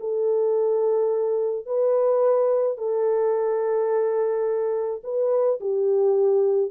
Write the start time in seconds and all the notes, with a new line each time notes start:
0.00 A4
1.66 B4
2.77 A4
5.04 B4
5.60 G4